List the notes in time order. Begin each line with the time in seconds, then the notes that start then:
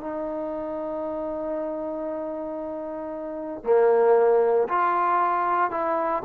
0.00 D#4
3.63 A#3
4.68 F4
5.70 E4